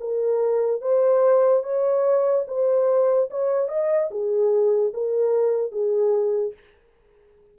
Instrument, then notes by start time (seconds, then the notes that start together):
horn
0.00 A#4
0.81 C5
1.63 C#5
2.47 C5
3.30 C#5
3.68 D#5
4.11 G#4
4.94 A#4
5.71 G#4